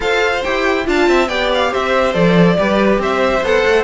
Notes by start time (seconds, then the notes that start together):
0.00 F4 A4 C5 F5
0.43 E4 G4 G5
0.84 D4 F4 F5 A5
1.07 C4 E5
1.28 B3 G4 D5 G5
1.53 F5
1.71 C4 C5 E5
2.13 F3 A4 D5
2.57 G3 G4 B4
2.98 C4 C5 E5
3.42 B3 A4 F#5
3.65 A3